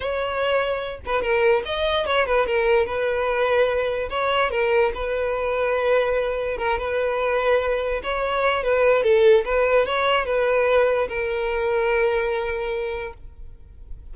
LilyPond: \new Staff \with { instrumentName = "violin" } { \time 4/4 \tempo 4 = 146 cis''2~ cis''8 b'8 ais'4 | dis''4 cis''8 b'8 ais'4 b'4~ | b'2 cis''4 ais'4 | b'1 |
ais'8 b'2. cis''8~ | cis''4 b'4 a'4 b'4 | cis''4 b'2 ais'4~ | ais'1 | }